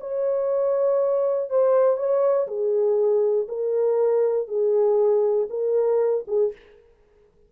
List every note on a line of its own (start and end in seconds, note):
0.00 1.50 C#5
1.50 1.97 C5
1.97 2.47 C#5
2.47 3.47 G#4
3.48 4.48 A#4
4.48 5.48 G#4
5.50 6.25 A#4
6.27 6.52 G#4